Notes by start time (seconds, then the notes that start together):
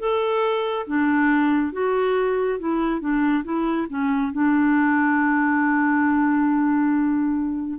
0.00 A4
0.87 D4
1.73 F#4
2.60 E4
3.01 D4
3.44 E4
3.90 C#4
4.33 D4